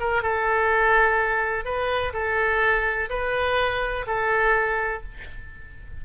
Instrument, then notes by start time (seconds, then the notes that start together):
oboe
0.00 A#4
0.23 A4
1.65 B4
2.13 A4
3.09 B4
4.07 A4